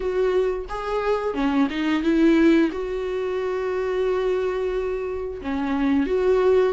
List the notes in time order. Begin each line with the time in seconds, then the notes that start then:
0.00 F#4
0.69 G#4
1.34 C#4
1.69 D#4
2.02 E4
2.71 F#4
5.41 C#4
6.06 F#4